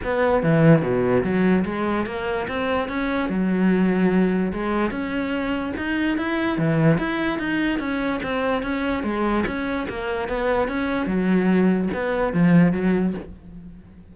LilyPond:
\new Staff \with { instrumentName = "cello" } { \time 4/4 \tempo 4 = 146 b4 e4 b,4 fis4 | gis4 ais4 c'4 cis'4 | fis2. gis4 | cis'2 dis'4 e'4 |
e4 e'4 dis'4 cis'4 | c'4 cis'4 gis4 cis'4 | ais4 b4 cis'4 fis4~ | fis4 b4 f4 fis4 | }